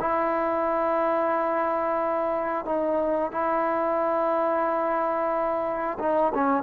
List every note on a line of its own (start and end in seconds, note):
0.00 2.65 E4
2.65 3.32 D#4
3.32 5.98 E4
6.00 6.33 D#4
6.35 6.63 C#4